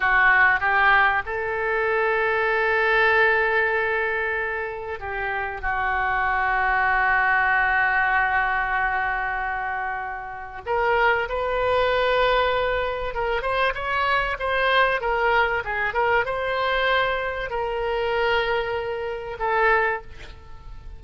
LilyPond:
\new Staff \with { instrumentName = "oboe" } { \time 4/4 \tempo 4 = 96 fis'4 g'4 a'2~ | a'1 | g'4 fis'2.~ | fis'1~ |
fis'4 ais'4 b'2~ | b'4 ais'8 c''8 cis''4 c''4 | ais'4 gis'8 ais'8 c''2 | ais'2. a'4 | }